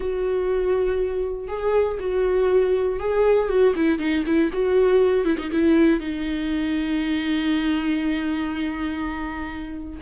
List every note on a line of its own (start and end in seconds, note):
0.00 1.47 F#4
1.47 1.97 G#4
1.99 2.99 F#4
2.99 3.48 G#4
3.48 3.73 F#4
3.75 3.99 E4
3.99 4.24 D#4
4.25 4.50 E4
4.52 5.24 F#4
5.24 5.37 E4
5.38 5.50 D#4
5.51 6.00 E4
6.00 10.00 D#4